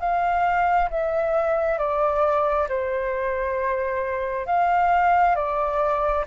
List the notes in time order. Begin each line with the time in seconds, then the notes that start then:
0.00 F5
0.90 E5
1.78 D5
2.69 C5
4.46 F5
5.35 D5